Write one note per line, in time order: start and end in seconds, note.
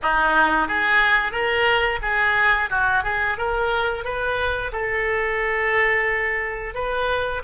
0.02 0.67 D#4
0.67 1.31 G#4
1.31 1.99 A#4
2.02 2.69 G#4
2.70 3.03 F#4
3.03 3.37 G#4
3.37 4.04 A#4
4.04 4.71 B4
4.72 6.74 A4
6.74 7.42 B4